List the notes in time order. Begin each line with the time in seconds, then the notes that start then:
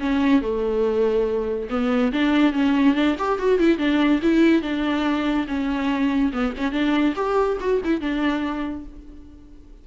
0.00 C#4
0.41 A3
1.70 B3
2.12 D4
2.53 C#4
2.95 D4
3.18 G4
3.39 F#4
3.59 E4
3.78 D4
4.22 E4
4.62 D4
5.48 C#4
6.32 B3
6.57 C#4
6.72 D4
7.16 G4
7.60 F#4
7.84 E4
8.01 D4